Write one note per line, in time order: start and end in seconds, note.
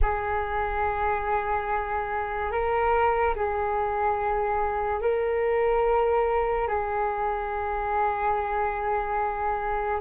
0.01 2.51 G#4
2.51 3.34 A#4
3.35 5.01 G#4
5.01 6.67 A#4
6.67 10.00 G#4